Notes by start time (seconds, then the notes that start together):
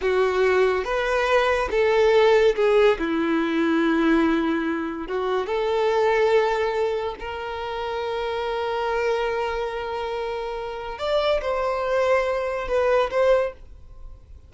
0.01 F#4
0.84 B4
1.70 A4
2.55 G#4
2.99 E4
5.07 F#4
5.46 A4
7.19 A#4
10.98 D5
11.41 C5
12.68 B4
13.10 C5